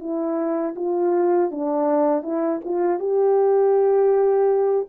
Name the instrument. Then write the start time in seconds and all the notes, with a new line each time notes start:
horn
0.00 E4
0.76 F4
1.51 D4
2.23 E4
2.65 F4
3.00 G4